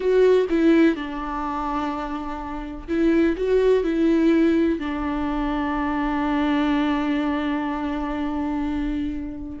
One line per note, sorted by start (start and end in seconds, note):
0.00 0.46 F#4
0.49 0.95 E4
0.95 2.87 D4
2.88 3.36 E4
3.36 3.83 F#4
3.83 4.79 E4
4.79 9.59 D4